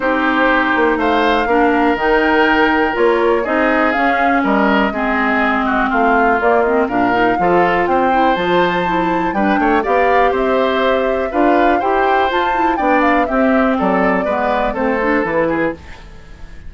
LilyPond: <<
  \new Staff \with { instrumentName = "flute" } { \time 4/4 \tempo 4 = 122 c''2 f''2 | g''2 cis''4 dis''4 | f''4 dis''2. | f''4 d''8 dis''8 f''2 |
g''4 a''2 g''4 | f''4 e''2 f''4 | g''4 a''4 g''8 f''8 e''4 | d''2 c''4 b'4 | }
  \new Staff \with { instrumentName = "oboe" } { \time 4/4 g'2 c''4 ais'4~ | ais'2. gis'4~ | gis'4 ais'4 gis'4. fis'8 | f'2 ais'4 a'4 |
c''2. b'8 cis''8 | d''4 c''2 b'4 | c''2 d''4 g'4 | a'4 b'4 a'4. gis'8 | }
  \new Staff \with { instrumentName = "clarinet" } { \time 4/4 dis'2. d'4 | dis'2 f'4 dis'4 | cis'2 c'2~ | c'4 ais8 c'8 d'8 dis'8 f'4~ |
f'8 e'8 f'4 e'4 d'4 | g'2. f'4 | g'4 f'8 e'8 d'4 c'4~ | c'4 b4 c'8 d'8 e'4 | }
  \new Staff \with { instrumentName = "bassoon" } { \time 4/4 c'4. ais8 a4 ais4 | dis2 ais4 c'4 | cis'4 g4 gis2 | a4 ais4 ais,4 f4 |
c'4 f2 g8 a8 | b4 c'2 d'4 | e'4 f'4 b4 c'4 | fis4 gis4 a4 e4 | }
>>